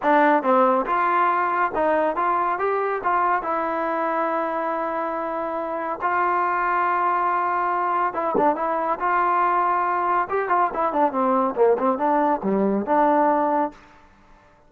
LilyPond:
\new Staff \with { instrumentName = "trombone" } { \time 4/4 \tempo 4 = 140 d'4 c'4 f'2 | dis'4 f'4 g'4 f'4 | e'1~ | e'2 f'2~ |
f'2. e'8 d'8 | e'4 f'2. | g'8 f'8 e'8 d'8 c'4 ais8 c'8 | d'4 g4 d'2 | }